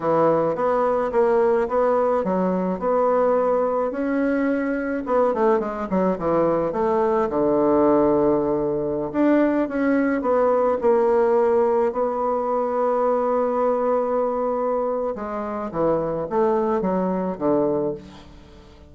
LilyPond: \new Staff \with { instrumentName = "bassoon" } { \time 4/4 \tempo 4 = 107 e4 b4 ais4 b4 | fis4 b2 cis'4~ | cis'4 b8 a8 gis8 fis8 e4 | a4 d2.~ |
d16 d'4 cis'4 b4 ais8.~ | ais4~ ais16 b2~ b8.~ | b2. gis4 | e4 a4 fis4 d4 | }